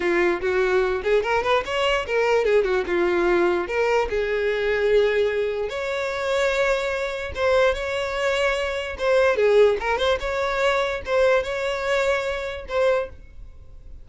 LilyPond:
\new Staff \with { instrumentName = "violin" } { \time 4/4 \tempo 4 = 147 f'4 fis'4. gis'8 ais'8 b'8 | cis''4 ais'4 gis'8 fis'8 f'4~ | f'4 ais'4 gis'2~ | gis'2 cis''2~ |
cis''2 c''4 cis''4~ | cis''2 c''4 gis'4 | ais'8 c''8 cis''2 c''4 | cis''2. c''4 | }